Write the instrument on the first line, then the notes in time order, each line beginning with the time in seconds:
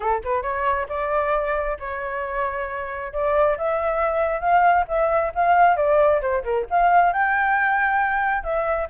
flute
0.00 A4
0.24 B4
0.42 C#5
0.88 D5
1.79 C#5
3.12 D5
3.57 E5
4.40 F5
4.88 E5
5.34 F5
5.76 D5
6.21 C5
6.43 A#4
6.70 F5
7.12 G5
8.43 E5